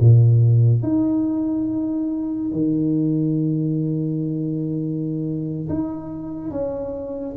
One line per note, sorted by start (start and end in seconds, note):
0.00 0.83 A#2
0.83 2.52 D#4
2.52 5.69 D#3
5.69 6.51 D#4
6.51 7.36 C#4